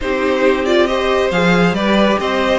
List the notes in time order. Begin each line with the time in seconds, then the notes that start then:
0.00 C4 D#4 G4 C5
0.65 F4 D5
0.86 G4 C5 D#5
1.31 F3 G#4 F5
1.73 G3 G4 B4 D5
2.19 C4 C5 D#5